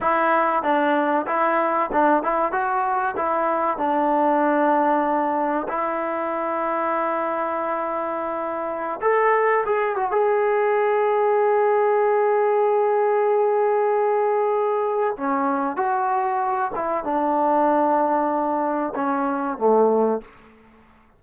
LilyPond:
\new Staff \with { instrumentName = "trombone" } { \time 4/4 \tempo 4 = 95 e'4 d'4 e'4 d'8 e'8 | fis'4 e'4 d'2~ | d'4 e'2.~ | e'2~ e'16 a'4 gis'8 fis'16 |
gis'1~ | gis'1 | cis'4 fis'4. e'8 d'4~ | d'2 cis'4 a4 | }